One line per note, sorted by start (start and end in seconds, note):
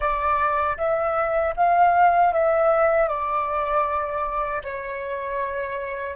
0.00 0.77 D5
0.77 1.54 E5
1.56 2.33 F5
2.33 3.08 E5
3.08 4.62 D5
4.63 6.15 C#5